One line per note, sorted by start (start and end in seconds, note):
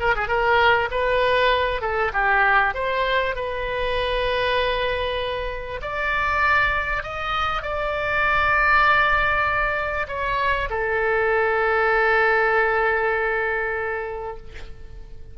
0.00 0.15 A#4
0.16 0.28 G#4
0.28 0.89 A#4
0.91 1.81 B4
1.81 2.12 A4
2.13 2.74 G4
2.74 3.36 C5
3.36 5.81 B4
5.82 7.03 D5
7.03 7.63 D#5
7.63 10.07 D5
10.08 10.69 C#5
10.70 14.37 A4